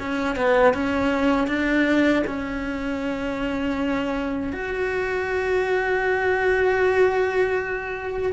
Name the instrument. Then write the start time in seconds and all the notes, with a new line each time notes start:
cello
0.00 C#4
0.36 B3
0.74 C#4
1.48 D4
2.27 C#4
4.53 F#4